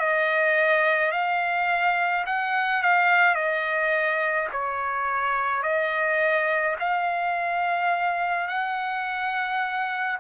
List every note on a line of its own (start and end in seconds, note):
0.00 1.12 D#5
1.12 2.25 F5
2.26 2.83 F#5
2.83 3.36 F5
3.36 4.49 D#5
4.53 5.63 C#5
5.63 6.77 D#5
6.80 8.49 F5
8.49 10.18 F#5